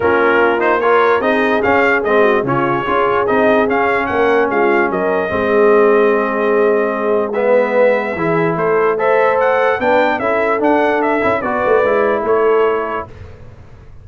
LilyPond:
<<
  \new Staff \with { instrumentName = "trumpet" } { \time 4/4 \tempo 4 = 147 ais'4. c''8 cis''4 dis''4 | f''4 dis''4 cis''2 | dis''4 f''4 fis''4 f''4 | dis''1~ |
dis''2 e''2~ | e''4 c''4 e''4 fis''4 | g''4 e''4 fis''4 e''4 | d''2 cis''2 | }
  \new Staff \with { instrumentName = "horn" } { \time 4/4 f'2 ais'4 gis'4~ | gis'4. fis'8 f'4 gis'4~ | gis'2 ais'4 f'4 | ais'4 gis'2.~ |
gis'2 b'2 | gis'4 a'4 c''2 | b'4 a'2. | b'2 a'2 | }
  \new Staff \with { instrumentName = "trombone" } { \time 4/4 cis'4. dis'8 f'4 dis'4 | cis'4 c'4 cis'4 f'4 | dis'4 cis'2.~ | cis'4 c'2.~ |
c'2 b2 | e'2 a'2 | d'4 e'4 d'4. e'8 | fis'4 e'2. | }
  \new Staff \with { instrumentName = "tuba" } { \time 4/4 ais2. c'4 | cis'4 gis4 cis4 cis'4 | c'4 cis'4 ais4 gis4 | fis4 gis2.~ |
gis1 | e4 a2. | b4 cis'4 d'4. cis'8 | b8 a8 gis4 a2 | }
>>